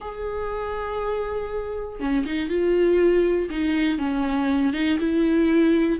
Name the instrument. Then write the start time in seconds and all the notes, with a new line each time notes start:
viola
0.00 G#4
2.00 C#4
2.25 D#4
2.49 F4
3.50 D#4
3.98 C#4
4.73 D#4
4.99 E4